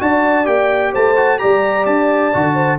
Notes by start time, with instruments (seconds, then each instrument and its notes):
0.00 tuba D4, trombone F#4, horn D5, trumpet A5
0.45 tuba A#3, trombone G4, trumpet G5
0.93 tuba A3, horn C5, trumpet A5
1.17 trombone F#4
1.39 tuba G3, trombone G4, horn D5, trumpet A#5
1.86 tuba D4, trumpet A5
2.34 tuba D3, trombone F#4
2.54 horn C5